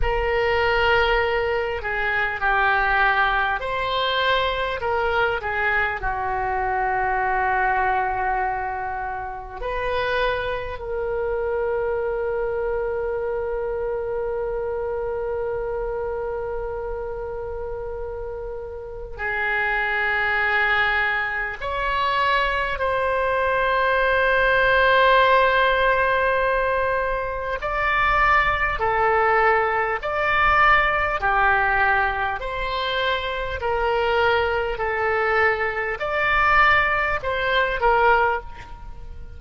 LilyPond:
\new Staff \with { instrumentName = "oboe" } { \time 4/4 \tempo 4 = 50 ais'4. gis'8 g'4 c''4 | ais'8 gis'8 fis'2. | b'4 ais'2.~ | ais'1 |
gis'2 cis''4 c''4~ | c''2. d''4 | a'4 d''4 g'4 c''4 | ais'4 a'4 d''4 c''8 ais'8 | }